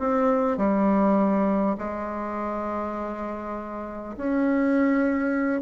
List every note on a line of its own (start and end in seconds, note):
0.00 0.58 C4
0.58 1.77 G3
1.79 4.16 G#3
4.17 5.62 C#4